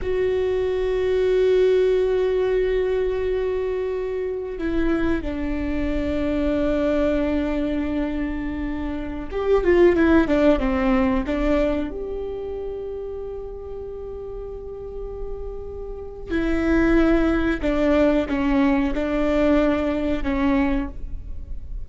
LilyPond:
\new Staff \with { instrumentName = "viola" } { \time 4/4 \tempo 4 = 92 fis'1~ | fis'2. e'4 | d'1~ | d'2~ d'16 g'8 f'8 e'8 d'16~ |
d'16 c'4 d'4 g'4.~ g'16~ | g'1~ | g'4 e'2 d'4 | cis'4 d'2 cis'4 | }